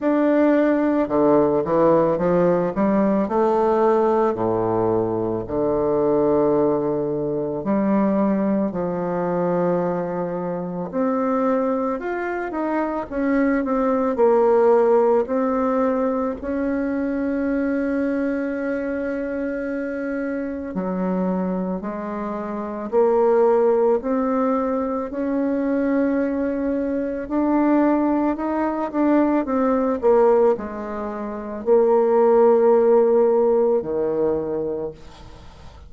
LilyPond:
\new Staff \with { instrumentName = "bassoon" } { \time 4/4 \tempo 4 = 55 d'4 d8 e8 f8 g8 a4 | a,4 d2 g4 | f2 c'4 f'8 dis'8 | cis'8 c'8 ais4 c'4 cis'4~ |
cis'2. fis4 | gis4 ais4 c'4 cis'4~ | cis'4 d'4 dis'8 d'8 c'8 ais8 | gis4 ais2 dis4 | }